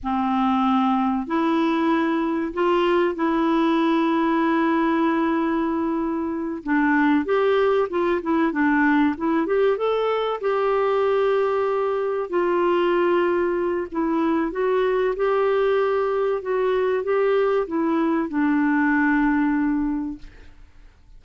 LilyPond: \new Staff \with { instrumentName = "clarinet" } { \time 4/4 \tempo 4 = 95 c'2 e'2 | f'4 e'2.~ | e'2~ e'8 d'4 g'8~ | g'8 f'8 e'8 d'4 e'8 g'8 a'8~ |
a'8 g'2. f'8~ | f'2 e'4 fis'4 | g'2 fis'4 g'4 | e'4 d'2. | }